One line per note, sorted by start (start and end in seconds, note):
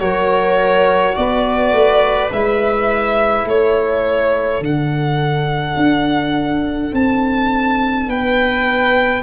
0.00 1.17 F#3
0.00 2.31 F#4
0.00 1.16 A#4
0.00 1.15 C#5
1.15 1.72 B3
1.15 3.46 B4
1.15 2.31 D5
1.72 2.30 A3
2.32 3.45 G#3
2.32 4.63 E4
2.32 3.48 E5
3.45 4.60 A3
3.45 8.08 A4
3.45 4.64 C#5
4.60 5.76 D3
4.60 9.23 D4
4.60 6.94 F#5
5.77 6.92 D4
6.93 8.07 C4
6.93 8.10 A5
8.07 9.23 B3
8.07 9.23 B4
8.07 9.23 G5